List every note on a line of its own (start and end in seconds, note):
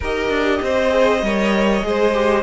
0.00 0.29 D#4
0.00 0.89 G4
0.00 0.61 A#4
0.00 2.43 D#5
0.29 0.60 D4
0.61 1.22 C4
0.61 1.25 C5
0.89 1.20 G#4
1.22 1.83 G3
1.22 1.82 A#4
1.22 1.86 C#5
1.82 2.43 G#3
1.82 2.13 G#4
1.82 2.43 C5
2.13 2.43 G4